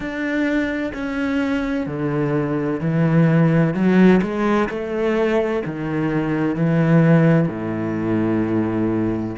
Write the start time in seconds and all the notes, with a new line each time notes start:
0.00 D4
0.94 C#4
1.86 D3
2.80 E3
3.73 F#3
4.21 G#3
4.69 A3
5.65 D#3
6.55 E3
7.48 A2